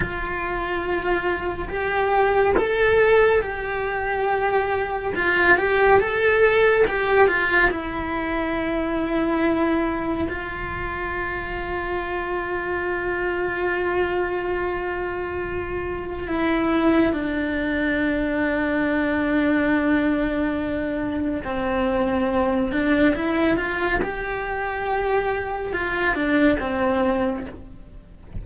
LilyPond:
\new Staff \with { instrumentName = "cello" } { \time 4/4 \tempo 4 = 70 f'2 g'4 a'4 | g'2 f'8 g'8 a'4 | g'8 f'8 e'2. | f'1~ |
f'2. e'4 | d'1~ | d'4 c'4. d'8 e'8 f'8 | g'2 f'8 d'8 c'4 | }